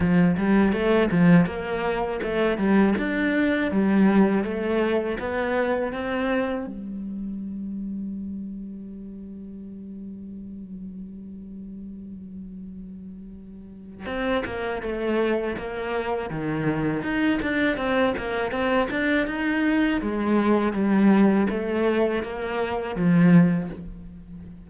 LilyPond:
\new Staff \with { instrumentName = "cello" } { \time 4/4 \tempo 4 = 81 f8 g8 a8 f8 ais4 a8 g8 | d'4 g4 a4 b4 | c'4 g2.~ | g1~ |
g2. c'8 ais8 | a4 ais4 dis4 dis'8 d'8 | c'8 ais8 c'8 d'8 dis'4 gis4 | g4 a4 ais4 f4 | }